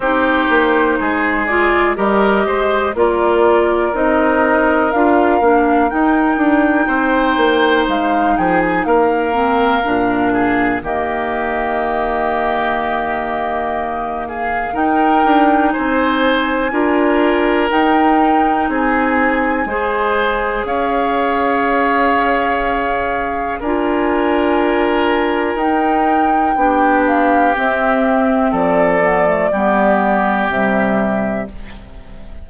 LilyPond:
<<
  \new Staff \with { instrumentName = "flute" } { \time 4/4 \tempo 4 = 61 c''4. d''8 dis''4 d''4 | dis''4 f''4 g''2 | f''8 g''16 gis''16 f''2 dis''4~ | dis''2~ dis''8 f''8 g''4 |
gis''2 g''4 gis''4~ | gis''4 f''2. | gis''2 g''4. f''8 | e''4 d''2 e''4 | }
  \new Staff \with { instrumentName = "oboe" } { \time 4/4 g'4 gis'4 ais'8 c''8 ais'4~ | ais'2. c''4~ | c''8 gis'8 ais'4. gis'8 g'4~ | g'2~ g'8 gis'8 ais'4 |
c''4 ais'2 gis'4 | c''4 cis''2. | ais'2. g'4~ | g'4 a'4 g'2 | }
  \new Staff \with { instrumentName = "clarinet" } { \time 4/4 dis'4. f'8 g'4 f'4 | dis'4 f'8 d'8 dis'2~ | dis'4. c'8 d'4 ais4~ | ais2. dis'4~ |
dis'4 f'4 dis'2 | gis'1 | f'2 dis'4 d'4 | c'4. b16 a16 b4 g4 | }
  \new Staff \with { instrumentName = "bassoon" } { \time 4/4 c'8 ais8 gis4 g8 gis8 ais4 | c'4 d'8 ais8 dis'8 d'8 c'8 ais8 | gis8 f8 ais4 ais,4 dis4~ | dis2. dis'8 d'8 |
c'4 d'4 dis'4 c'4 | gis4 cis'2. | d'2 dis'4 b4 | c'4 f4 g4 c4 | }
>>